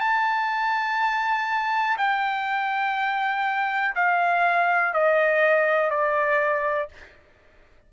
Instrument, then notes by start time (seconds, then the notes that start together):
trumpet
0.00 A5
1.98 G5
3.95 F5
4.93 D#5
5.91 D5